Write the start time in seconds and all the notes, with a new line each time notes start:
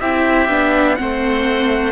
0.00 C4 E4 G4 E5
0.49 B3 D4
0.96 A3 C4 C5 F#5